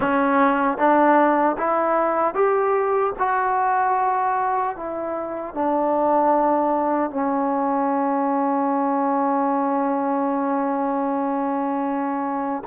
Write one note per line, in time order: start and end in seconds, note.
0.00 0.77 C#4
0.77 1.56 D4
1.57 2.34 E4
2.34 3.13 G4
3.18 4.76 F#4
4.76 5.54 E4
5.54 7.10 D4
7.10 12.63 C#4